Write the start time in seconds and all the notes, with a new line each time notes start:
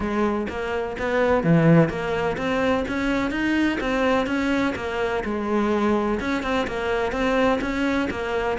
0.00 G#3
0.49 A#3
0.98 B3
1.43 E3
1.89 A#3
2.37 C4
2.88 C#4
3.30 D#4
3.80 C4
4.26 C#4
4.75 A#3
5.24 G#3
6.20 C#4
6.43 C4
6.67 A#3
7.11 C4
7.61 C#4
8.10 A#3